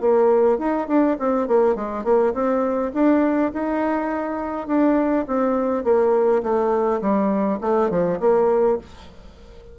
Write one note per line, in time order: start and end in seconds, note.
0.00 0.58 A#3
0.58 0.87 D#4
0.87 1.17 D4
1.19 1.47 C4
1.47 1.75 A#3
1.75 2.04 G#3
2.04 2.33 A#3
2.34 2.92 C4
2.93 3.52 D4
3.53 4.67 D#4
4.67 5.25 D4
5.27 5.84 C4
5.84 6.42 A#3
6.42 7.01 A3
7.01 7.59 G3
7.61 7.90 A3
7.90 8.19 F3
8.20 8.78 A#3